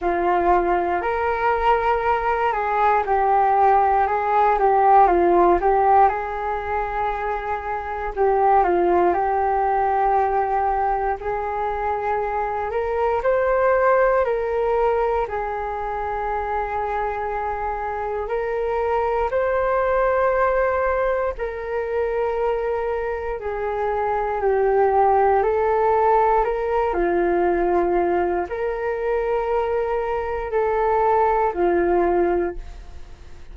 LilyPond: \new Staff \with { instrumentName = "flute" } { \time 4/4 \tempo 4 = 59 f'4 ais'4. gis'8 g'4 | gis'8 g'8 f'8 g'8 gis'2 | g'8 f'8 g'2 gis'4~ | gis'8 ais'8 c''4 ais'4 gis'4~ |
gis'2 ais'4 c''4~ | c''4 ais'2 gis'4 | g'4 a'4 ais'8 f'4. | ais'2 a'4 f'4 | }